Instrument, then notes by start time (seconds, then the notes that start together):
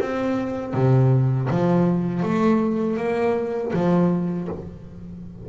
double bass
0.00 C4
0.73 C3
1.50 F3
2.22 A3
2.96 A#3
3.73 F3